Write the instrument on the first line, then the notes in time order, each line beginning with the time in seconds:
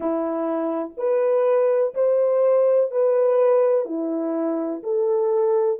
horn
0.00 E4
0.97 B4
1.94 C5
2.91 B4
3.85 E4
4.83 A4